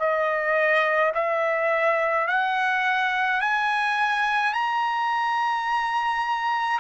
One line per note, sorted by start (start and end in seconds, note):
0.00 1.13 D#5
1.15 2.28 E5
2.28 3.42 F#5
3.42 4.53 G#5
4.53 6.80 A#5